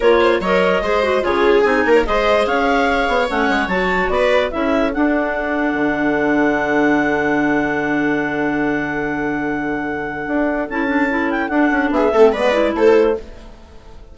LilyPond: <<
  \new Staff \with { instrumentName = "clarinet" } { \time 4/4 \tempo 4 = 146 cis''4 dis''2 cis''4 | gis''8. cis''16 dis''4 f''2 | fis''4 a''4 d''4 e''4 | fis''1~ |
fis''1~ | fis''1~ | fis''2 a''4. g''8 | fis''4 e''4 d''4 c''4 | }
  \new Staff \with { instrumentName = "viola" } { \time 4/4 ais'8 c''8 cis''4 c''4 gis'4~ | gis'8 ais'8 c''4 cis''2~ | cis''2 b'4 a'4~ | a'1~ |
a'1~ | a'1~ | a'1~ | a'4 gis'8 a'8 b'4 a'4 | }
  \new Staff \with { instrumentName = "clarinet" } { \time 4/4 f'4 ais'4 gis'8 fis'8 f'4 | dis'4 gis'2. | cis'4 fis'2 e'4 | d'1~ |
d'1~ | d'1~ | d'2 e'8 d'8 e'4 | d'4. c'8 b8 e'4. | }
  \new Staff \with { instrumentName = "bassoon" } { \time 4/4 ais4 fis4 gis4 cis4 | c'8 ais8 gis4 cis'4. b8 | a8 gis8 fis4 b4 cis'4 | d'2 d2~ |
d1~ | d1~ | d4 d'4 cis'2 | d'8 cis'8 b8 a8 gis4 a4 | }
>>